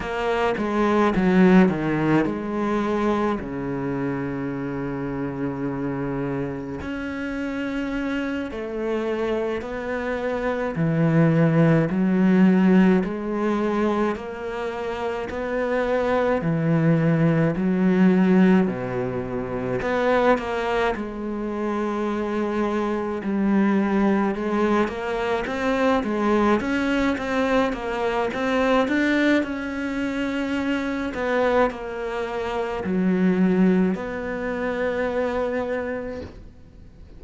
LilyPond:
\new Staff \with { instrumentName = "cello" } { \time 4/4 \tempo 4 = 53 ais8 gis8 fis8 dis8 gis4 cis4~ | cis2 cis'4. a8~ | a8 b4 e4 fis4 gis8~ | gis8 ais4 b4 e4 fis8~ |
fis8 b,4 b8 ais8 gis4.~ | gis8 g4 gis8 ais8 c'8 gis8 cis'8 | c'8 ais8 c'8 d'8 cis'4. b8 | ais4 fis4 b2 | }